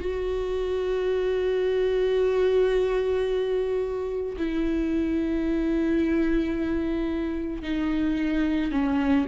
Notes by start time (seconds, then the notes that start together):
0.00 F#4
4.37 E4
7.62 D#4
8.71 C#4